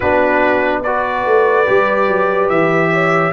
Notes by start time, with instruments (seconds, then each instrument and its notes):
0.00 tuba B3, trombone D4, horn F#4, trumpet B4
0.83 trombone F#4, horn B4, trumpet D5
1.25 tuba A3
1.65 tuba G3, trombone G4
2.07 tuba F#3
2.49 tuba E3, trumpet E5
2.92 horn C#5